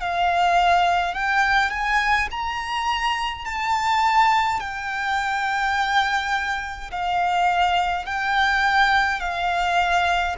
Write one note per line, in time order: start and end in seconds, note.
0.00 1.14 F5
1.14 1.70 G5
1.70 2.28 G#5
2.30 3.45 A#5
3.45 4.60 A5
4.60 6.91 G5
6.91 8.06 F5
8.06 9.20 G5
9.20 10.35 F5